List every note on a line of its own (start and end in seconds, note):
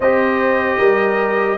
0.00 0.79 C4
0.00 1.58 G4
0.00 0.78 C5
0.00 1.58 D#5
0.78 1.58 G3
0.78 1.57 A#4